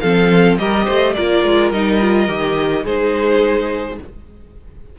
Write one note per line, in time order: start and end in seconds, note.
0.00 0.59 F3
0.00 0.59 C4
0.00 0.59 A4
0.00 0.57 F5
0.58 0.87 G3
0.58 1.16 G4
0.58 0.85 A#4
0.58 1.14 D#5
0.85 1.17 A3
0.85 1.14 C5
1.14 1.44 A#3
1.14 1.74 F4
1.14 2.83 A#4
1.14 1.71 D5
1.44 1.72 G#3
1.72 2.28 G3
1.72 2.01 D#4
1.72 2.85 D#5
2.01 2.28 F4
2.28 2.85 D#3
2.28 2.84 G4
2.83 3.99 G#3
2.83 3.98 D#4
2.83 3.96 G#4
2.83 3.99 C5